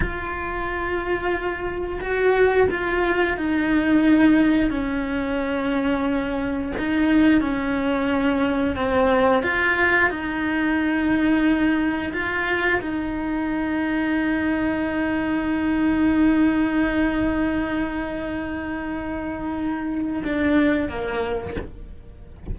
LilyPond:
\new Staff \with { instrumentName = "cello" } { \time 4/4 \tempo 4 = 89 f'2. fis'4 | f'4 dis'2 cis'4~ | cis'2 dis'4 cis'4~ | cis'4 c'4 f'4 dis'4~ |
dis'2 f'4 dis'4~ | dis'1~ | dis'1~ | dis'2 d'4 ais4 | }